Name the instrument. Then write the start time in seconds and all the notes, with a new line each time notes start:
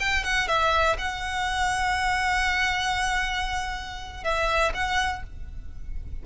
violin
0.00 G5
0.24 F#5
0.48 E5
0.99 F#5
4.24 E5
4.74 F#5